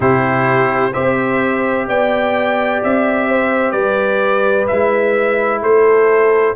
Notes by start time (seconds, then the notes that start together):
0.00 C3 E4 G4 C5
0.92 C4 G4 C5 E5
1.88 B3 D5 G5
2.83 C4 E5
3.28 C5
3.71 G3 B4 D5
4.67 G#3 E4 E5
5.62 A3 A4 C5